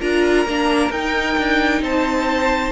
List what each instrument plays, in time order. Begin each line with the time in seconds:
0.00 cello D4, viola F4, violin A#4 A#5
0.46 cello A#3, viola D4
0.90 cello D#4, viola D#4, violin G5
1.37 cello D4
1.81 cello C4, violin C5 A5